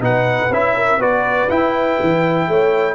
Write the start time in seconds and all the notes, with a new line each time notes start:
0.00 B2 D#4 B4 F#5
0.49 C#4 E4 E5
0.76 A#4
0.97 B3 F#4 B4 D5
1.49 E4 G5
2.01 E3
2.48 A3 C#5